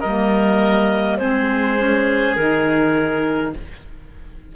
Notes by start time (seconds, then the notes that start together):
0.00 G3 A#3 A#4 D#5
1.18 G#3 C4 G#4 C5
1.78 C#4
2.36 D#3 D#4 A#4